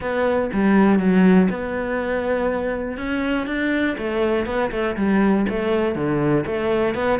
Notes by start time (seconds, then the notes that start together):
0.00 B3
0.53 G3
0.99 F#3
1.50 B3
2.97 C#4
3.46 D4
3.97 A3
4.46 B3
4.71 A3
4.96 G3
5.49 A3
5.95 D3
6.46 A3
6.94 B3